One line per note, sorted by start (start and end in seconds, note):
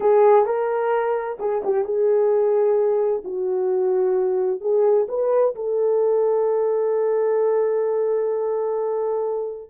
0.00 0.45 G#4
0.45 1.38 A#4
1.39 1.62 G#4
1.64 1.84 G4
1.84 3.22 G#4
3.24 4.60 F#4
4.60 5.06 G#4
5.08 5.54 B4
5.55 9.70 A4